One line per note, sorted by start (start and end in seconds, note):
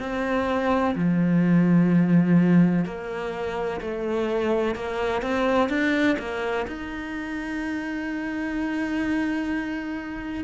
0.00 0.95 C4
0.96 2.86 F3
2.86 3.81 A#3
3.81 4.75 A3
4.75 5.23 A#3
5.23 5.70 C4
5.70 6.17 D4
6.19 6.67 A#3
6.68 10.45 D#4